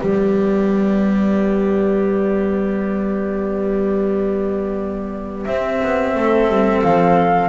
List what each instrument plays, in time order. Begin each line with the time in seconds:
0.00 double bass G3, cello B3, clarinet G4, flute D5
5.45 double bass C4, cello C4, flute E5
5.83 double bass B3
6.15 double bass A3, clarinet A4
6.48 double bass G3
6.84 double bass F3, flute F5